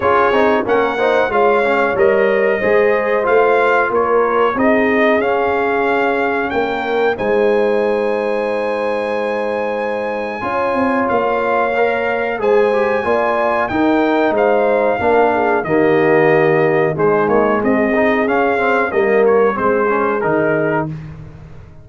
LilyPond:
<<
  \new Staff \with { instrumentName = "trumpet" } { \time 4/4 \tempo 4 = 92 cis''4 fis''4 f''4 dis''4~ | dis''4 f''4 cis''4 dis''4 | f''2 g''4 gis''4~ | gis''1~ |
gis''4 f''2 gis''4~ | gis''4 g''4 f''2 | dis''2 c''8 cis''8 dis''4 | f''4 dis''8 cis''8 c''4 ais'4 | }
  \new Staff \with { instrumentName = "horn" } { \time 4/4 gis'4 ais'8 c''8 cis''2 | c''2 ais'4 gis'4~ | gis'2 ais'4 c''4~ | c''1 |
cis''2. c''4 | d''4 ais'4 c''4 ais'8 gis'8 | g'2 dis'4 gis'4~ | gis'4 ais'4 gis'2 | }
  \new Staff \with { instrumentName = "trombone" } { \time 4/4 f'8 dis'8 cis'8 dis'8 f'8 cis'8 ais'4 | gis'4 f'2 dis'4 | cis'2. dis'4~ | dis'1 |
f'2 ais'4 gis'8 g'8 | f'4 dis'2 d'4 | ais2 gis4. dis'8 | cis'8 c'8 ais4 c'8 cis'8 dis'4 | }
  \new Staff \with { instrumentName = "tuba" } { \time 4/4 cis'8 c'8 ais4 gis4 g4 | gis4 a4 ais4 c'4 | cis'2 ais4 gis4~ | gis1 |
cis'8 c'8 ais2 gis4 | ais4 dis'4 gis4 ais4 | dis2 gis8 ais8 c'4 | cis'4 g4 gis4 dis4 | }
>>